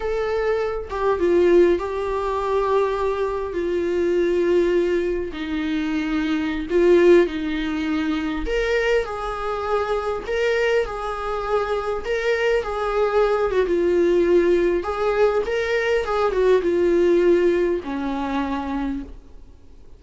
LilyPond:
\new Staff \with { instrumentName = "viola" } { \time 4/4 \tempo 4 = 101 a'4. g'8 f'4 g'4~ | g'2 f'2~ | f'4 dis'2~ dis'16 f'8.~ | f'16 dis'2 ais'4 gis'8.~ |
gis'4~ gis'16 ais'4 gis'4.~ gis'16~ | gis'16 ais'4 gis'4. fis'16 f'4~ | f'4 gis'4 ais'4 gis'8 fis'8 | f'2 cis'2 | }